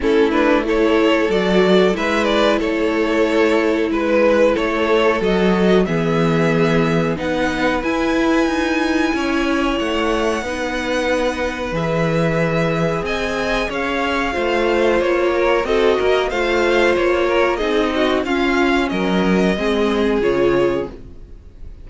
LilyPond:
<<
  \new Staff \with { instrumentName = "violin" } { \time 4/4 \tempo 4 = 92 a'8 b'8 cis''4 d''4 e''8 d''8 | cis''2 b'4 cis''4 | dis''4 e''2 fis''4 | gis''2. fis''4~ |
fis''2 e''2 | gis''4 f''2 cis''4 | dis''4 f''4 cis''4 dis''4 | f''4 dis''2 cis''4 | }
  \new Staff \with { instrumentName = "violin" } { \time 4/4 e'4 a'2 b'4 | a'2 b'4 a'4~ | a'4 gis'2 b'4~ | b'2 cis''2 |
b'1 | dis''4 cis''4 c''4. ais'8 | a'8 ais'8 c''4. ais'8 gis'8 fis'8 | f'4 ais'4 gis'2 | }
  \new Staff \with { instrumentName = "viola" } { \time 4/4 cis'8 d'8 e'4 fis'4 e'4~ | e'1 | fis'4 b2 dis'4 | e'1 |
dis'2 gis'2~ | gis'2 f'2 | fis'4 f'2 dis'4 | cis'2 c'4 f'4 | }
  \new Staff \with { instrumentName = "cello" } { \time 4/4 a2 fis4 gis4 | a2 gis4 a4 | fis4 e2 b4 | e'4 dis'4 cis'4 a4 |
b2 e2 | c'4 cis'4 a4 ais4 | c'8 ais8 a4 ais4 c'4 | cis'4 fis4 gis4 cis4 | }
>>